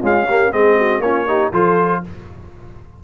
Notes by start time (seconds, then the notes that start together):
0.00 G#3 C#4 F4 F5
0.26 A#3 G4
0.51 G#3 C4 G#4 D#5
0.77 F#4
0.99 A#3 C#4 F4 C#5
1.27 D#4 G4
1.52 F3 F4 A4 C5